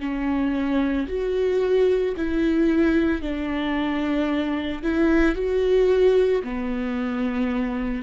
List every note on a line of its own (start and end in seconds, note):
0.00 1.07 C#4
1.08 2.15 F#4
2.17 3.21 E4
3.21 4.82 D4
4.83 5.35 E4
5.35 6.42 F#4
6.43 8.03 B3